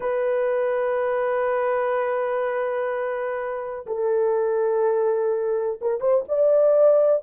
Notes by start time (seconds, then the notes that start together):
0.00 B4
3.86 A4
5.81 A#4
6.00 C5
6.28 D5